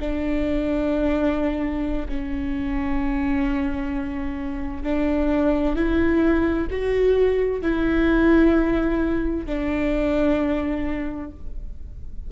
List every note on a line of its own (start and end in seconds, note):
0.00 2.08 D4
2.09 4.83 C#4
4.83 5.76 D4
5.76 6.68 E4
6.70 7.62 F#4
7.62 9.46 E4
9.46 11.31 D4